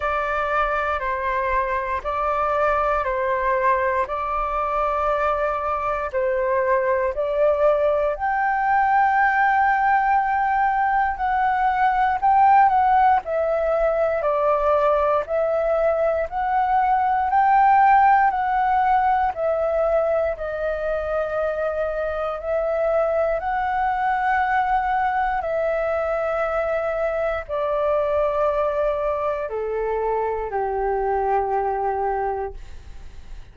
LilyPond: \new Staff \with { instrumentName = "flute" } { \time 4/4 \tempo 4 = 59 d''4 c''4 d''4 c''4 | d''2 c''4 d''4 | g''2. fis''4 | g''8 fis''8 e''4 d''4 e''4 |
fis''4 g''4 fis''4 e''4 | dis''2 e''4 fis''4~ | fis''4 e''2 d''4~ | d''4 a'4 g'2 | }